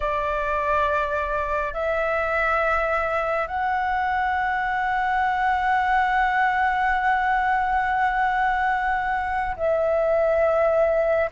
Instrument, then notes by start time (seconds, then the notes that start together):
flute
0.00 D5
1.73 E5
3.47 F#5
9.56 E5